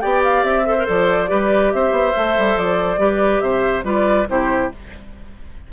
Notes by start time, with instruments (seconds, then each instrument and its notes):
0.00 bassoon B3, clarinet G4, oboe D5, flute G5
0.23 flute F5
0.43 bassoon C4, flute E5
0.65 clarinet A4, oboe C5
0.77 clarinet A#4
0.85 bassoon F3, clarinet A4, flute D5
1.27 bassoon G3, clarinet G4, oboe B4
1.72 bassoon C4, oboe C5, flute E5
1.91 bassoon B3
2.15 bassoon A3, clarinet A4
2.37 bassoon G3
2.56 bassoon F3, flute D5
2.97 bassoon G3, clarinet G4, oboe B4
3.40 bassoon C3, oboe C5, flute E5
3.83 bassoon G3, clarinet F4, oboe B4, flute D5
4.28 bassoon C3, clarinet E4, oboe G4, flute C5